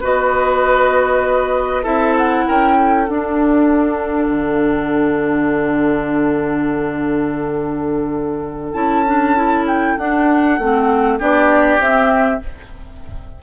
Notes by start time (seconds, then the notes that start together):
0.00 B3 F#4 B4 D#5
1.83 C4 E4 A4 E5
2.17 F#5
2.47 C#4 A#4 G5
2.77 A4
3.09 D4 F#5
4.27 D3
8.73 C#4 E4 A5
9.06 D4
9.36 E4
9.67 G5
9.97 D4 F#5
10.58 A3 C4
11.18 B3 D4 G4 D5
11.78 C4 E5